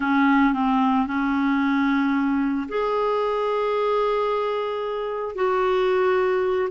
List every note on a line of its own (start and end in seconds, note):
0.00 0.53 C#4
0.53 1.06 C4
1.06 2.67 C#4
2.68 5.35 G#4
5.35 6.69 F#4